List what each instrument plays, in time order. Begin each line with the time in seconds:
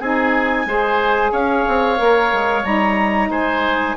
0.00 bassoon C4, saxophone D#4, oboe G#4, clarinet G#5
0.66 bassoon G#3, saxophone G#4, oboe C5
1.31 bassoon C#4, oboe C#5, clarinet F5
1.68 bassoon C4
1.97 bassoon A#3, saxophone A#4
2.33 bassoon G#3
2.64 bassoon G3, saxophone D#4, clarinet A#5
3.29 bassoon G#3, oboe C5, clarinet G#5